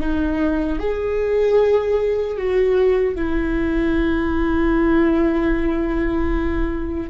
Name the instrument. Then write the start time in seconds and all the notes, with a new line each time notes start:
viola
0.00 D#4
0.79 G#4
2.37 F#4
3.15 E4